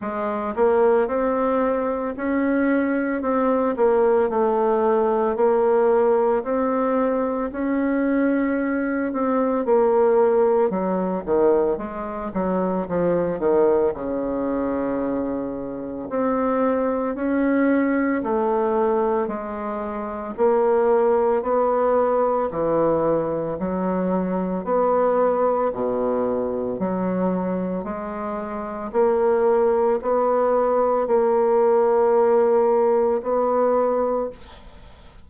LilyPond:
\new Staff \with { instrumentName = "bassoon" } { \time 4/4 \tempo 4 = 56 gis8 ais8 c'4 cis'4 c'8 ais8 | a4 ais4 c'4 cis'4~ | cis'8 c'8 ais4 fis8 dis8 gis8 fis8 | f8 dis8 cis2 c'4 |
cis'4 a4 gis4 ais4 | b4 e4 fis4 b4 | b,4 fis4 gis4 ais4 | b4 ais2 b4 | }